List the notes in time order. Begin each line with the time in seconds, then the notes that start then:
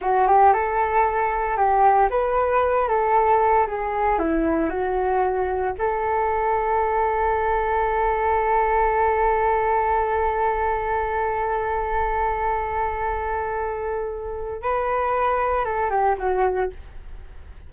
0.01 F#4
0.27 G4
0.53 A4
1.56 G4
2.10 B4
2.88 A4
3.67 G#4
4.19 E4
4.69 F#4
5.78 A4
14.62 B4
15.64 A4
15.90 G4
16.17 F#4